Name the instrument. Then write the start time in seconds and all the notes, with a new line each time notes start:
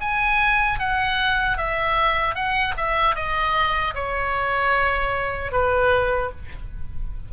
oboe
0.00 G#5
0.79 F#5
1.57 E5
2.35 F#5
2.77 E5
3.15 D#5
3.94 C#5
5.52 B4